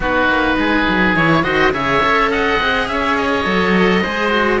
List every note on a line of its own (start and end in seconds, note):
0.00 0.27 B3
0.00 1.16 D#4
0.00 0.56 F#4
0.00 1.16 B4
0.27 0.56 A#3
0.57 0.85 G#3
0.57 1.43 G#4
0.88 1.15 F#3
1.15 1.44 E3
1.15 1.43 E4
1.15 1.43 C#5
1.43 1.72 D#3
1.43 1.72 F#4
1.43 1.72 C5
1.43 1.72 D#5
1.72 2.01 C#3
1.72 2.01 G#4
1.72 2.31 C#5
1.72 2.31 E5
2.01 2.59 C#4
2.01 2.60 A4
2.31 2.88 D#5
2.31 2.88 F#5
2.59 2.87 C4
2.59 3.44 G#4
2.87 3.45 C#4
2.87 4.02 C#5
2.87 3.16 E5
3.16 4.60 D#5
3.44 4.03 F#3
3.44 4.02 A4
4.02 4.60 G#3
4.02 4.30 G#4
4.02 4.59 C5
4.30 4.59 F#4